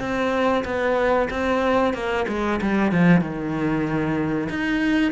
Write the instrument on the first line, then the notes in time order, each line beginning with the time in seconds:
cello
0.00 C4
0.65 B3
1.30 C4
1.94 A#3
2.28 G#3
2.61 G3
2.92 F3
3.21 D#3
4.49 D#4